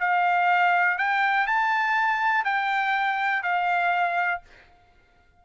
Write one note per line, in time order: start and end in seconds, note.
0.00 0.98 F5
0.98 1.47 G5
1.47 2.45 A5
2.45 3.43 G5
3.43 4.42 F5